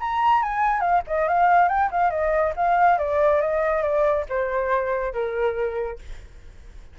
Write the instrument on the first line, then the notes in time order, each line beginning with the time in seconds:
flute
0.00 A#5
0.42 G#5
0.80 F5
1.07 D#5
1.28 F5
1.68 G5
1.91 F5
2.10 D#5
2.56 F5
2.98 D5
3.41 D#5
3.83 D5
4.29 C5
5.13 A#4